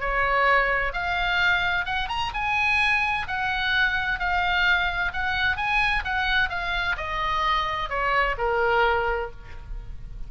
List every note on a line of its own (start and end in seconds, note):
0.00 0.93 C#5
0.93 1.86 F5
1.86 2.09 F#5
2.09 2.32 A#5
2.34 3.27 G#5
3.27 4.19 F#5
4.19 5.12 F5
5.13 5.56 F#5
5.56 6.03 G#5
6.05 6.49 F#5
6.49 6.96 F5
6.97 7.89 D#5
7.89 8.36 C#5
8.38 9.31 A#4